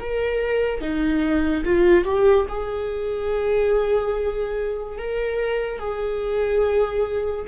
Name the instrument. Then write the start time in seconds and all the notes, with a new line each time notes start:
viola
0.00 A#4
0.81 D#4
1.65 F4
2.05 G4
2.49 G#4
4.98 A#4
5.79 G#4